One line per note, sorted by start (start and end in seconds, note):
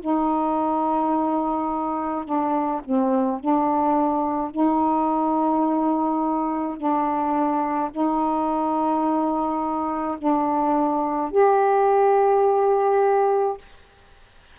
0.00 2.25 D#4
2.25 2.81 D4
2.85 3.40 C4
3.40 4.51 D4
4.51 6.77 D#4
6.77 7.90 D4
7.91 10.17 D#4
10.18 11.31 D4
11.31 13.57 G4